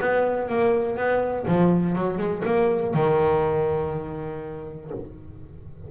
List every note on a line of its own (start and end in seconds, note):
0.00 0.49 B3
0.49 0.96 A#3
0.96 1.46 B3
1.47 1.95 F3
1.95 2.18 F#3
2.18 2.42 G#3
2.44 2.94 A#3
2.94 4.90 D#3